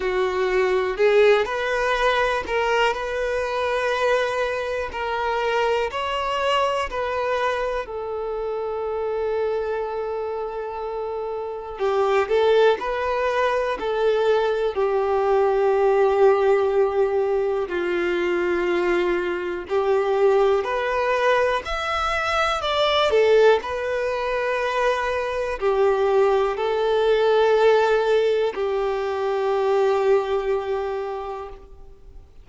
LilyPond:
\new Staff \with { instrumentName = "violin" } { \time 4/4 \tempo 4 = 61 fis'4 gis'8 b'4 ais'8 b'4~ | b'4 ais'4 cis''4 b'4 | a'1 | g'8 a'8 b'4 a'4 g'4~ |
g'2 f'2 | g'4 b'4 e''4 d''8 a'8 | b'2 g'4 a'4~ | a'4 g'2. | }